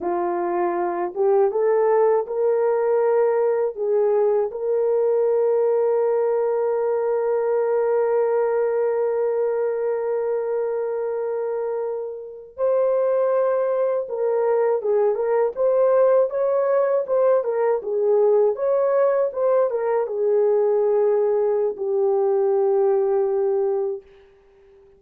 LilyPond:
\new Staff \with { instrumentName = "horn" } { \time 4/4 \tempo 4 = 80 f'4. g'8 a'4 ais'4~ | ais'4 gis'4 ais'2~ | ais'1~ | ais'1~ |
ais'8. c''2 ais'4 gis'16~ | gis'16 ais'8 c''4 cis''4 c''8 ais'8 gis'16~ | gis'8. cis''4 c''8 ais'8 gis'4~ gis'16~ | gis'4 g'2. | }